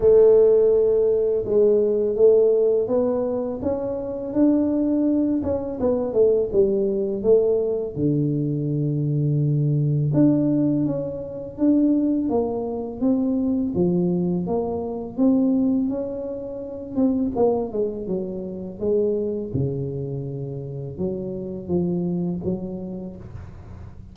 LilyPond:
\new Staff \with { instrumentName = "tuba" } { \time 4/4 \tempo 4 = 83 a2 gis4 a4 | b4 cis'4 d'4. cis'8 | b8 a8 g4 a4 d4~ | d2 d'4 cis'4 |
d'4 ais4 c'4 f4 | ais4 c'4 cis'4. c'8 | ais8 gis8 fis4 gis4 cis4~ | cis4 fis4 f4 fis4 | }